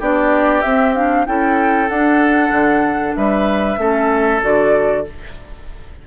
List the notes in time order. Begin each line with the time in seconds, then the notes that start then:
0.00 B3 D4 G4 D5
0.62 C4 E5
0.94 D4 F5
1.26 C#4 E4 A4 G5
1.89 D4 F#5
2.51 D3
3.16 G3 B4 E5
3.78 A3 C#4 A4
4.41 D3 F#4 D5